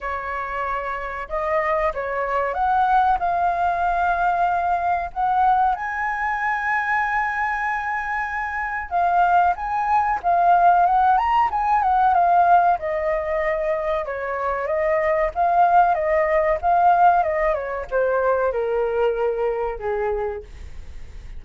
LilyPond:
\new Staff \with { instrumentName = "flute" } { \time 4/4 \tempo 4 = 94 cis''2 dis''4 cis''4 | fis''4 f''2. | fis''4 gis''2.~ | gis''2 f''4 gis''4 |
f''4 fis''8 ais''8 gis''8 fis''8 f''4 | dis''2 cis''4 dis''4 | f''4 dis''4 f''4 dis''8 cis''8 | c''4 ais'2 gis'4 | }